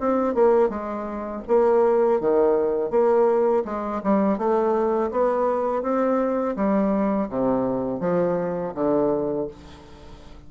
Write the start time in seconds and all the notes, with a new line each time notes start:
0.00 C4
0.35 A#3
0.70 G#3
1.47 A#3
2.21 D#3
2.90 A#3
3.65 G#3
4.03 G3
4.38 A3
5.11 B3
5.82 C4
6.56 G3
7.29 C3
8.00 F3
8.75 D3